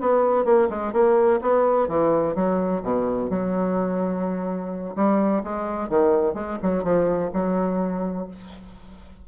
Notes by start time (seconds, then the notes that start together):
0.00 B3
0.44 A#3
0.69 G#3
0.92 A#3
1.41 B3
1.88 E3
2.35 F#3
2.82 B2
3.30 F#3
4.95 G3
5.43 G#3
5.89 D#3
6.34 G#3
6.62 F#3
6.83 F3
7.33 F#3